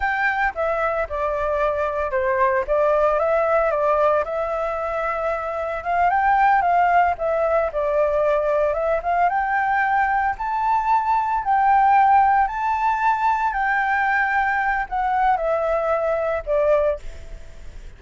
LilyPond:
\new Staff \with { instrumentName = "flute" } { \time 4/4 \tempo 4 = 113 g''4 e''4 d''2 | c''4 d''4 e''4 d''4 | e''2. f''8 g''8~ | g''8 f''4 e''4 d''4.~ |
d''8 e''8 f''8 g''2 a''8~ | a''4. g''2 a''8~ | a''4. g''2~ g''8 | fis''4 e''2 d''4 | }